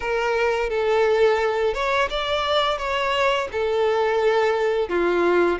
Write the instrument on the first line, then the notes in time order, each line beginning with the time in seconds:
violin
0.00 A#4
0.69 A4
1.73 C#5
2.10 D5
2.78 C#5
3.52 A4
4.88 F4